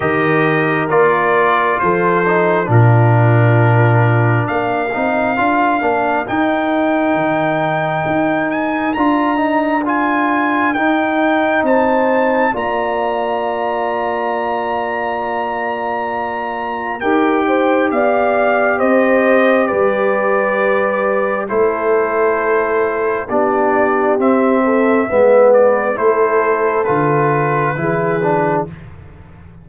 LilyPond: <<
  \new Staff \with { instrumentName = "trumpet" } { \time 4/4 \tempo 4 = 67 dis''4 d''4 c''4 ais'4~ | ais'4 f''2 g''4~ | g''4. gis''8 ais''4 gis''4 | g''4 a''4 ais''2~ |
ais''2. g''4 | f''4 dis''4 d''2 | c''2 d''4 e''4~ | e''8 d''8 c''4 b'2 | }
  \new Staff \with { instrumentName = "horn" } { \time 4/4 ais'2 a'4 f'4~ | f'4 ais'2.~ | ais'1~ | ais'4 c''4 d''2~ |
d''2. ais'8 c''8 | d''4 c''4 b'2 | a'2 g'4. a'8 | b'4 a'2 gis'4 | }
  \new Staff \with { instrumentName = "trombone" } { \time 4/4 g'4 f'4. dis'8 d'4~ | d'4. dis'8 f'8 d'8 dis'4~ | dis'2 f'8 dis'8 f'4 | dis'2 f'2~ |
f'2. g'4~ | g'1 | e'2 d'4 c'4 | b4 e'4 f'4 e'8 d'8 | }
  \new Staff \with { instrumentName = "tuba" } { \time 4/4 dis4 ais4 f4 ais,4~ | ais,4 ais8 c'8 d'8 ais8 dis'4 | dis4 dis'4 d'2 | dis'4 c'4 ais2~ |
ais2. dis'4 | b4 c'4 g2 | a2 b4 c'4 | gis4 a4 d4 e4 | }
>>